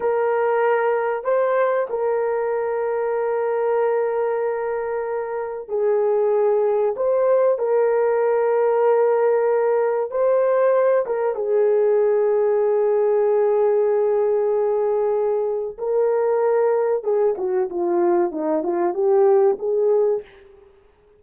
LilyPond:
\new Staff \with { instrumentName = "horn" } { \time 4/4 \tempo 4 = 95 ais'2 c''4 ais'4~ | ais'1~ | ais'4 gis'2 c''4 | ais'1 |
c''4. ais'8 gis'2~ | gis'1~ | gis'4 ais'2 gis'8 fis'8 | f'4 dis'8 f'8 g'4 gis'4 | }